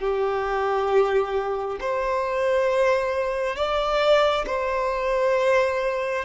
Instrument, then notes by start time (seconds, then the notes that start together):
violin
0.00 G4
1.81 C5
3.56 D5
4.47 C5